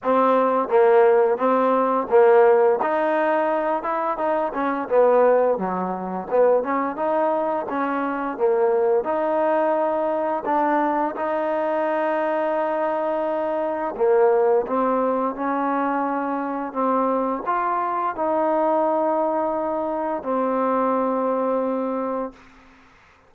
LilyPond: \new Staff \with { instrumentName = "trombone" } { \time 4/4 \tempo 4 = 86 c'4 ais4 c'4 ais4 | dis'4. e'8 dis'8 cis'8 b4 | fis4 b8 cis'8 dis'4 cis'4 | ais4 dis'2 d'4 |
dis'1 | ais4 c'4 cis'2 | c'4 f'4 dis'2~ | dis'4 c'2. | }